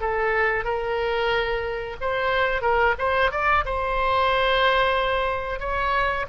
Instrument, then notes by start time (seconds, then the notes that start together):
oboe
0.00 A4
0.64 A#4
2.00 C5
2.61 A#4
2.98 C5
3.31 D5
3.65 C5
5.59 C#5